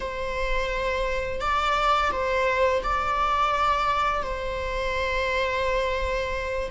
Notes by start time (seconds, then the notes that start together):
0.00 C5
1.40 D5
2.12 C5
2.83 D5
4.22 C5